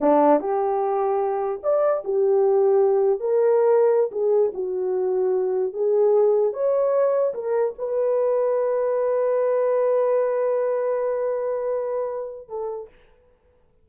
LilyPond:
\new Staff \with { instrumentName = "horn" } { \time 4/4 \tempo 4 = 149 d'4 g'2. | d''4 g'2. | ais'2~ ais'16 gis'4 fis'8.~ | fis'2~ fis'16 gis'4.~ gis'16~ |
gis'16 cis''2 ais'4 b'8.~ | b'1~ | b'1~ | b'2. a'4 | }